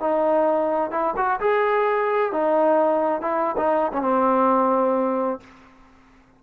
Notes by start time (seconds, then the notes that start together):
0.00 D#4
0.91 E4
1.16 F#4
1.40 G#4
2.32 D#4
3.21 E4
3.57 D#4
3.92 C#4
4.02 C4